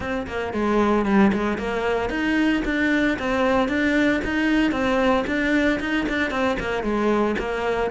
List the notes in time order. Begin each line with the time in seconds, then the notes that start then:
0.00 C4
0.27 A#3
0.53 G#3
1.05 G3
1.33 G#3
1.58 A#3
2.09 D#4
2.65 D4
3.18 C4
3.68 D4
4.24 D#4
4.71 C4
5.26 D4
5.80 D#4
6.08 D4
6.30 C4
6.59 A#3
6.83 G#3
7.39 A#3